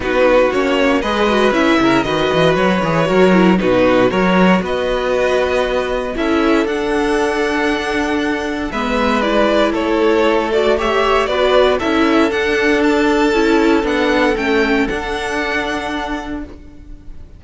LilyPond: <<
  \new Staff \with { instrumentName = "violin" } { \time 4/4 \tempo 4 = 117 b'4 cis''4 dis''4 e''4 | dis''4 cis''2 b'4 | cis''4 dis''2. | e''4 fis''2.~ |
fis''4 e''4 d''4 cis''4~ | cis''8 d''8 e''4 d''4 e''4 | fis''4 a''2 fis''4 | g''4 fis''2. | }
  \new Staff \with { instrumentName = "violin" } { \time 4/4 fis'2 b'4. ais'8 | b'2 ais'4 fis'4 | ais'4 b'2. | a'1~ |
a'4 b'2 a'4~ | a'4 cis''4 b'4 a'4~ | a'1~ | a'1 | }
  \new Staff \with { instrumentName = "viola" } { \time 4/4 dis'4 cis'4 gis'8 fis'8 e'4 | fis'4. gis'8 fis'8 e'8 dis'4 | fis'1 | e'4 d'2.~ |
d'4 b4 e'2~ | e'8 fis'8 g'4 fis'4 e'4 | d'2 e'4 d'4 | cis'4 d'2. | }
  \new Staff \with { instrumentName = "cello" } { \time 4/4 b4 ais4 gis4 cis'8 cis8 | dis8 e8 fis8 e8 fis4 b,4 | fis4 b2. | cis'4 d'2.~ |
d'4 gis2 a4~ | a2 b4 cis'4 | d'2 cis'4 b4 | a4 d'2. | }
>>